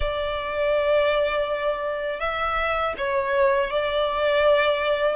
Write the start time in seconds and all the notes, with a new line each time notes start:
0.00 D5
2.20 E5
2.97 C#5
3.70 D5